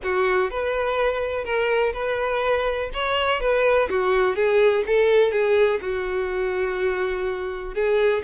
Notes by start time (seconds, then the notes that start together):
0.03 F#4
0.50 B4
1.44 A#4
1.93 B4
2.93 C#5
3.40 B4
3.89 F#4
4.35 G#4
4.86 A4
5.31 G#4
5.81 F#4
7.74 G#4